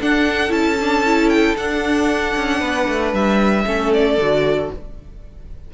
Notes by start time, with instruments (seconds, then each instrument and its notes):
0.00 viola D4, cello D4, violin A4 F#5
0.49 cello C#4, viola E4, violin A5
0.81 viola D4
1.06 viola E4
1.30 violin G5
1.57 viola D4, cello D4, violin F#5
2.37 cello C#4
2.60 cello B3, violin B4
2.88 cello A3
3.13 cello G3, violin E5
3.66 cello A3, viola C#4, violin A4
3.94 violin D5
4.18 cello D3, viola F#4